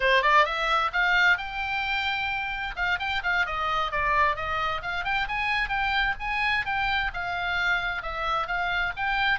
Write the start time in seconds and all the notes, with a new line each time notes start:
0.00 C5
0.22 D5
0.45 E5
0.93 F5
1.37 G5
2.75 F5
2.99 G5
3.23 F5
3.46 D#5
3.91 D5
4.35 D#5
4.82 F5
5.04 G5
5.28 G#5
5.68 G5
6.19 G#5
6.65 G5
7.13 F5
8.02 E5
8.47 F5
8.96 G5